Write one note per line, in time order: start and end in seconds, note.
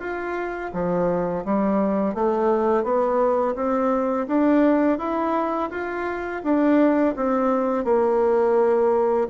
0.00 0.71 F4
0.73 1.45 F3
1.45 2.15 G3
2.15 2.84 A3
2.84 3.56 B3
3.56 4.27 C4
4.28 4.99 D4
4.99 5.70 E4
5.71 6.43 F4
6.44 7.15 D4
7.17 7.85 C4
7.85 9.28 A#3